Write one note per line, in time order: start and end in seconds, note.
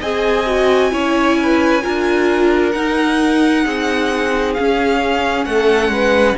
0.00 0.92 C4
0.00 0.46 G#4
0.00 0.91 D#5
0.00 2.71 G#5
0.46 0.90 F#4
0.90 1.83 C#4
0.90 1.81 E4
0.90 1.38 C#5
1.42 1.83 B4
1.82 2.74 D4
1.82 2.73 F4
1.82 3.64 A#4
2.71 3.65 D#4
2.71 4.56 D#4
2.71 4.53 F#5
3.65 4.56 C4
3.65 5.47 G#4
4.54 6.37 C#4
4.54 5.45 C#4
4.54 5.45 F5
5.45 5.88 A3
5.45 5.92 A4
5.45 6.35 F#5
5.88 6.34 G#3
5.88 6.37 B4